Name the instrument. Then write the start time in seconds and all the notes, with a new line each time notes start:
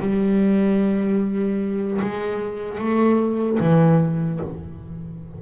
double bass
0.00 G3
2.01 G#3
2.78 A3
3.60 E3